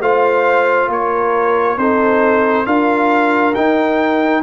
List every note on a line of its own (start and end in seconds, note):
0.00 0.87 A3
0.00 1.78 F4
0.00 0.90 C5
0.00 0.90 F5
0.87 1.76 A#3
0.87 1.78 A#4
0.87 1.78 C#5
1.77 2.65 C4
1.77 2.66 D#4
1.77 2.66 A4
1.77 2.66 C5
2.66 3.54 D4
2.66 3.54 F4
2.66 4.42 A#4
2.66 3.54 F5
3.54 4.43 D#4
3.54 4.43 G5